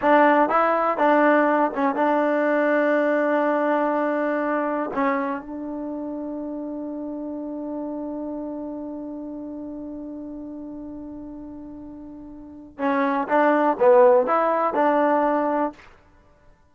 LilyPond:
\new Staff \with { instrumentName = "trombone" } { \time 4/4 \tempo 4 = 122 d'4 e'4 d'4. cis'8 | d'1~ | d'2 cis'4 d'4~ | d'1~ |
d'1~ | d'1~ | d'2 cis'4 d'4 | b4 e'4 d'2 | }